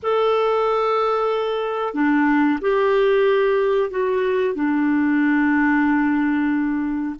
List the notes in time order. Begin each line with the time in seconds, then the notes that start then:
0.03 A4
1.94 D4
2.61 G4
3.90 F#4
4.54 D4